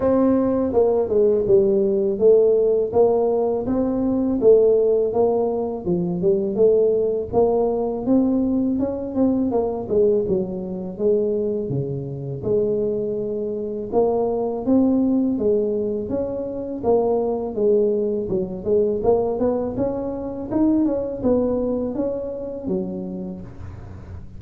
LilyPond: \new Staff \with { instrumentName = "tuba" } { \time 4/4 \tempo 4 = 82 c'4 ais8 gis8 g4 a4 | ais4 c'4 a4 ais4 | f8 g8 a4 ais4 c'4 | cis'8 c'8 ais8 gis8 fis4 gis4 |
cis4 gis2 ais4 | c'4 gis4 cis'4 ais4 | gis4 fis8 gis8 ais8 b8 cis'4 | dis'8 cis'8 b4 cis'4 fis4 | }